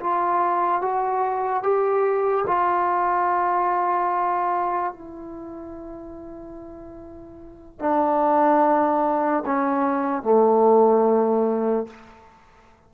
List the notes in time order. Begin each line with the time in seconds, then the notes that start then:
0.00 F4
0.81 F#4
1.63 G4
2.47 F4
4.93 E4
7.79 D4
9.46 C#4
10.23 A3